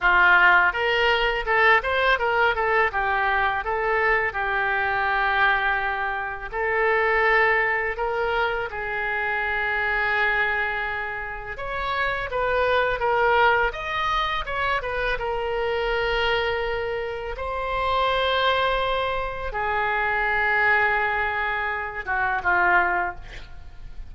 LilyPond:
\new Staff \with { instrumentName = "oboe" } { \time 4/4 \tempo 4 = 83 f'4 ais'4 a'8 c''8 ais'8 a'8 | g'4 a'4 g'2~ | g'4 a'2 ais'4 | gis'1 |
cis''4 b'4 ais'4 dis''4 | cis''8 b'8 ais'2. | c''2. gis'4~ | gis'2~ gis'8 fis'8 f'4 | }